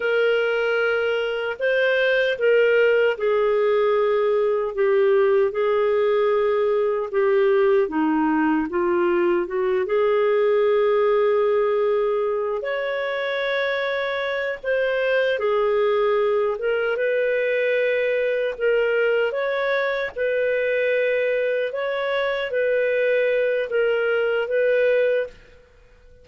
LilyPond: \new Staff \with { instrumentName = "clarinet" } { \time 4/4 \tempo 4 = 76 ais'2 c''4 ais'4 | gis'2 g'4 gis'4~ | gis'4 g'4 dis'4 f'4 | fis'8 gis'2.~ gis'8 |
cis''2~ cis''8 c''4 gis'8~ | gis'4 ais'8 b'2 ais'8~ | ais'8 cis''4 b'2 cis''8~ | cis''8 b'4. ais'4 b'4 | }